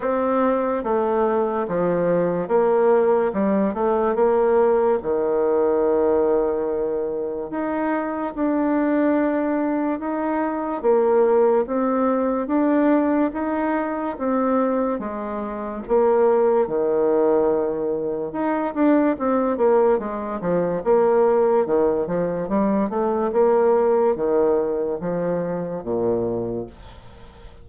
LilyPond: \new Staff \with { instrumentName = "bassoon" } { \time 4/4 \tempo 4 = 72 c'4 a4 f4 ais4 | g8 a8 ais4 dis2~ | dis4 dis'4 d'2 | dis'4 ais4 c'4 d'4 |
dis'4 c'4 gis4 ais4 | dis2 dis'8 d'8 c'8 ais8 | gis8 f8 ais4 dis8 f8 g8 a8 | ais4 dis4 f4 ais,4 | }